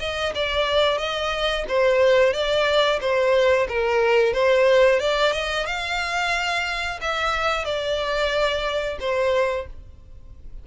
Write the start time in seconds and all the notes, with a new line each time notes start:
0.00 D#5
0.35 D5
0.98 D#5
1.69 C5
2.33 D5
3.01 C5
3.68 A#4
4.34 C5
5.00 D5
5.33 D#5
5.66 F5
7.02 E5
7.65 D5
9.01 C5